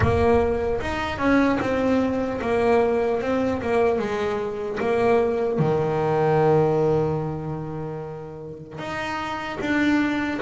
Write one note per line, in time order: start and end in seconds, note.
0.00 0.80 A#3
0.80 1.18 D#4
1.18 1.58 C#4
1.60 2.40 C4
2.41 3.21 A#3
3.21 3.61 C4
3.61 3.99 A#3
3.99 4.79 G#3
4.80 5.58 A#3
5.58 8.78 D#3
8.78 9.58 D#4
9.60 10.40 D4